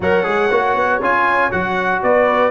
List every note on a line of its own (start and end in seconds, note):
0.00 0.25 F#3
0.00 0.23 A#4
0.00 2.01 C#5
0.00 1.02 F#5
0.23 0.50 G#3
0.23 0.48 G#4
0.50 0.75 A#3
0.50 1.01 F#4
0.75 1.00 B3
1.00 1.50 C#4
1.00 1.51 F4
1.00 1.51 G#5
1.51 2.03 F#3
1.51 2.51 F#4
1.51 2.02 F#5
2.02 2.51 B3
2.02 2.51 B4
2.02 2.51 D5